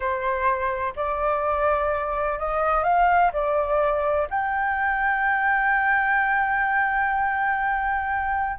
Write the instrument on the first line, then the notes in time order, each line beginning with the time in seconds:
flute
0.00 C5
0.96 D5
2.38 D#5
2.83 F5
3.32 D5
4.30 G5